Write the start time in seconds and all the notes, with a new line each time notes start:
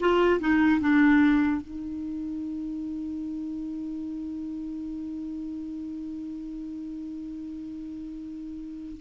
0.00 F4
0.40 D#4
0.80 D4
1.62 D#4